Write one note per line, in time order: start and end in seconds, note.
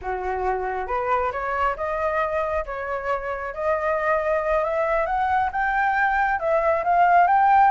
0.01 0.87 F#4
0.87 1.31 B4
1.32 1.76 C#5
1.76 2.64 D#5
2.65 3.53 C#5
3.54 4.64 D#5
4.64 5.06 E5
5.06 5.50 F#5
5.51 6.39 G5
6.39 6.83 E5
6.84 7.27 F5
7.27 7.70 G5